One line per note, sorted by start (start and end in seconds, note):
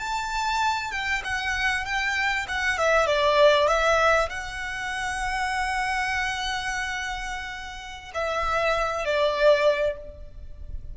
0.00 0.92 A5
0.92 1.23 G5
1.25 1.86 F#5
1.86 2.47 G5
2.49 2.78 F#5
2.78 3.07 E5
3.07 3.68 D5
3.68 4.29 E5
4.30 8.12 F#5
8.15 9.06 E5
9.06 9.97 D5